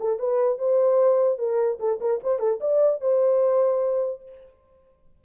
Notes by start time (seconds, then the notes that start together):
0.00 A4
0.19 B4
0.58 C5
1.38 A#4
1.80 A4
2.01 A#4
2.23 C5
2.39 A4
2.61 D5
3.01 C5